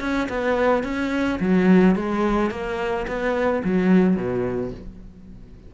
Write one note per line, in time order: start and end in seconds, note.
0.00 0.28 C#4
0.29 0.83 B3
0.83 1.39 C#4
1.40 1.95 F#3
1.95 2.50 G#3
2.50 3.06 A#3
3.07 3.63 B3
3.64 4.16 F#3
4.16 4.71 B2